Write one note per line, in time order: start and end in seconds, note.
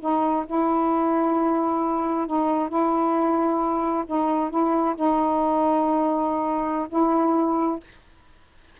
0.00 0.45 D#4
0.47 2.27 E4
2.27 2.69 D#4
2.69 4.05 E4
4.06 4.50 D#4
4.50 4.95 E4
4.96 6.88 D#4
6.89 7.80 E4